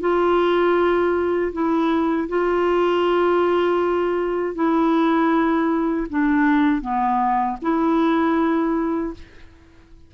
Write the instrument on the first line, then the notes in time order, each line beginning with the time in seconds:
clarinet
0.00 F4
1.52 E4
2.28 F4
4.55 E4
6.10 D4
6.81 B3
7.62 E4